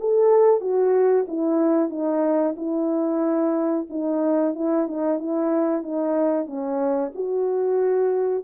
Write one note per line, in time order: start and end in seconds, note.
0.00 0.61 A4
0.61 1.26 F#4
1.28 1.90 E4
1.90 2.56 D#4
2.57 3.87 E4
3.90 4.55 D#4
4.56 4.88 E4
4.88 5.19 D#4
5.19 5.83 E4
5.83 6.47 D#4
6.47 7.12 C#4
7.15 8.45 F#4